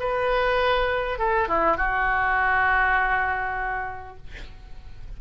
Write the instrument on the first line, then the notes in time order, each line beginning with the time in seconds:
oboe
0.00 B4
1.19 A4
1.49 E4
1.77 F#4